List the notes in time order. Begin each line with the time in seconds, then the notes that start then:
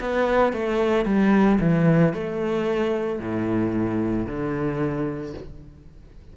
0.00 B3
0.53 A3
1.06 G3
1.60 E3
2.14 A3
3.20 A2
4.27 D3